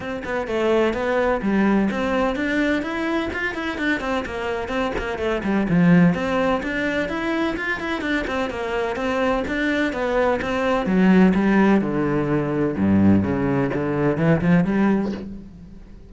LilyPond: \new Staff \with { instrumentName = "cello" } { \time 4/4 \tempo 4 = 127 c'8 b8 a4 b4 g4 | c'4 d'4 e'4 f'8 e'8 | d'8 c'8 ais4 c'8 ais8 a8 g8 | f4 c'4 d'4 e'4 |
f'8 e'8 d'8 c'8 ais4 c'4 | d'4 b4 c'4 fis4 | g4 d2 g,4 | cis4 d4 e8 f8 g4 | }